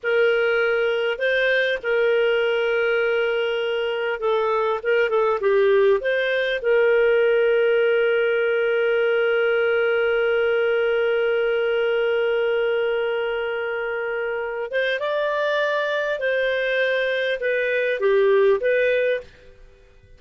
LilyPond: \new Staff \with { instrumentName = "clarinet" } { \time 4/4 \tempo 4 = 100 ais'2 c''4 ais'4~ | ais'2. a'4 | ais'8 a'8 g'4 c''4 ais'4~ | ais'1~ |
ais'1~ | ais'1~ | ais'8 c''8 d''2 c''4~ | c''4 b'4 g'4 b'4 | }